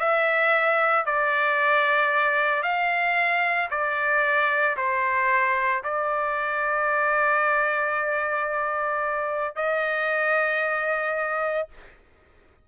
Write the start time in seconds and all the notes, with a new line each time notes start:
0.00 E5
1.06 D5
2.63 F5
3.71 D5
4.77 C5
5.84 D5
9.56 D#5